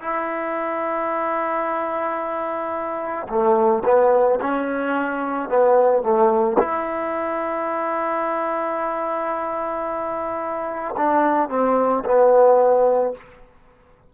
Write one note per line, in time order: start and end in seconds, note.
0.00 3.27 E4
3.28 3.83 A3
3.85 4.39 B3
4.40 5.49 C#4
5.49 6.02 B3
6.02 6.57 A3
6.59 10.95 E4
10.97 11.49 D4
11.49 12.03 C4
12.04 13.14 B3